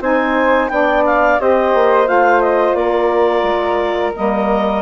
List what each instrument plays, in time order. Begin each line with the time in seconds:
0.00 bassoon C4, saxophone D#4, flute C5, clarinet G#5
0.68 bassoon B3, saxophone D4, flute D5, clarinet G5
1.05 clarinet F5
1.38 bassoon C4, saxophone G4, flute C5, clarinet D#5
1.74 bassoon A#3
2.04 bassoon A3, saxophone F4, clarinet F5
2.41 clarinet D#5
2.74 bassoon A#3, flute A#4, clarinet D5
3.43 bassoon G#3
4.13 bassoon G3, saxophone A#3, clarinet D#5